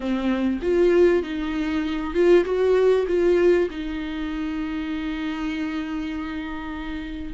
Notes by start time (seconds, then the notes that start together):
0.00 C4
0.62 F4
1.22 D#4
2.13 F4
2.44 F#4
3.07 F4
3.70 D#4